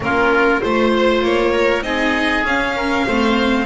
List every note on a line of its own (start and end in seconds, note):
0.00 0.60 A#3
0.00 0.62 C#4
0.00 0.60 F4
0.00 0.62 A#4
0.60 1.22 A3
0.60 1.83 F4
0.60 1.52 C5
0.60 1.23 C5
1.22 1.82 A#3
1.22 1.82 C#5
1.52 1.82 A#4
1.82 2.43 C4
1.82 2.44 D#4
1.82 2.76 G#4
1.82 2.43 D#5
2.43 3.05 C#4
2.43 3.08 C#4
2.43 3.66 F5
2.76 3.06 A#4
3.06 3.66 A3
3.06 3.66 C4
3.06 3.66 C5